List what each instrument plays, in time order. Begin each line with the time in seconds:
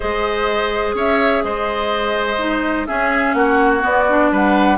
0.00 bassoon G#3, clarinet G#4, oboe C5, flute D#5
0.94 bassoon C#4, oboe C#5, flute E5
1.43 bassoon G#3, oboe C5, flute D#5
2.39 clarinet D#4
2.86 clarinet C#4, bassoon C#4, oboe G#4, flute E5
3.34 bassoon A#3, oboe F#4, flute F#5
3.81 clarinet B3, bassoon B3, flute D5
4.09 clarinet D4
4.31 bassoon G3, oboe B4, flute F#5